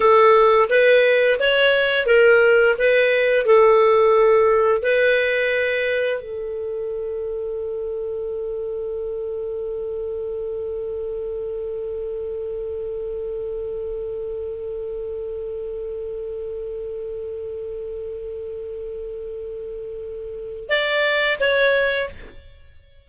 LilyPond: \new Staff \with { instrumentName = "clarinet" } { \time 4/4 \tempo 4 = 87 a'4 b'4 cis''4 ais'4 | b'4 a'2 b'4~ | b'4 a'2.~ | a'1~ |
a'1~ | a'1~ | a'1~ | a'2 d''4 cis''4 | }